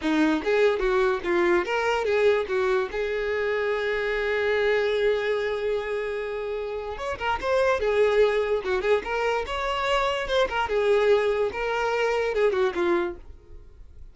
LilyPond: \new Staff \with { instrumentName = "violin" } { \time 4/4 \tempo 4 = 146 dis'4 gis'4 fis'4 f'4 | ais'4 gis'4 fis'4 gis'4~ | gis'1~ | gis'1~ |
gis'4 cis''8 ais'8 c''4 gis'4~ | gis'4 fis'8 gis'8 ais'4 cis''4~ | cis''4 c''8 ais'8 gis'2 | ais'2 gis'8 fis'8 f'4 | }